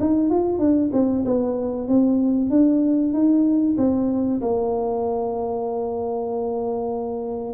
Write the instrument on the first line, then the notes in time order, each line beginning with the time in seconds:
tuba
0.00 D#4
0.30 F4
0.59 D4
0.93 C4
1.25 B3
1.88 C4
2.50 D4
3.13 D#4
3.78 C4
4.41 A#3